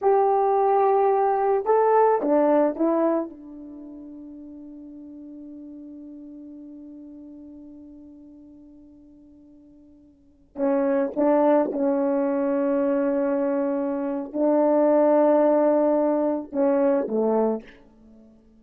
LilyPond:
\new Staff \with { instrumentName = "horn" } { \time 4/4 \tempo 4 = 109 g'2. a'4 | d'4 e'4 d'2~ | d'1~ | d'1~ |
d'2.~ d'16 cis'8.~ | cis'16 d'4 cis'2~ cis'8.~ | cis'2 d'2~ | d'2 cis'4 a4 | }